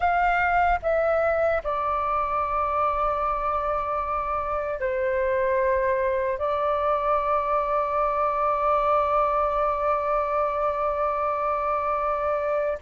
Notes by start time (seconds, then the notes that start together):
0.00 F5
0.82 E5
1.63 D5
4.79 C5
6.38 D5